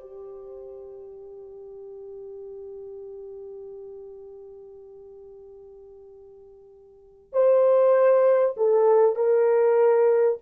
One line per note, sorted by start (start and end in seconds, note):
0.00 7.32 G4
7.32 8.55 C5
8.57 9.15 A4
9.15 10.38 A#4